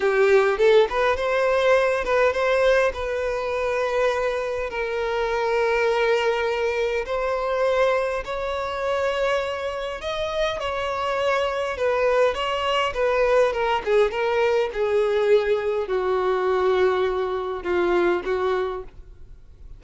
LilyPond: \new Staff \with { instrumentName = "violin" } { \time 4/4 \tempo 4 = 102 g'4 a'8 b'8 c''4. b'8 | c''4 b'2. | ais'1 | c''2 cis''2~ |
cis''4 dis''4 cis''2 | b'4 cis''4 b'4 ais'8 gis'8 | ais'4 gis'2 fis'4~ | fis'2 f'4 fis'4 | }